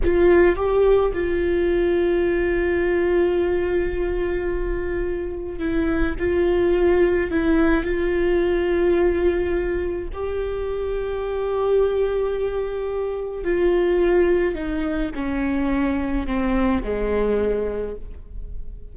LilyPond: \new Staff \with { instrumentName = "viola" } { \time 4/4 \tempo 4 = 107 f'4 g'4 f'2~ | f'1~ | f'2 e'4 f'4~ | f'4 e'4 f'2~ |
f'2 g'2~ | g'1 | f'2 dis'4 cis'4~ | cis'4 c'4 gis2 | }